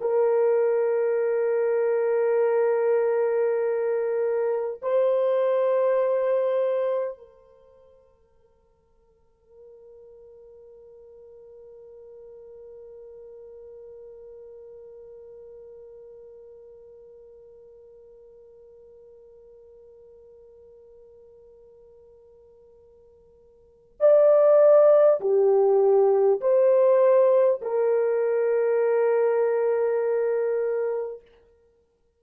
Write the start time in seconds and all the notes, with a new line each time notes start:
0.00 A#4
4.82 C5
7.18 A#4
24.00 D5
25.20 G4
26.40 C5
27.61 A#4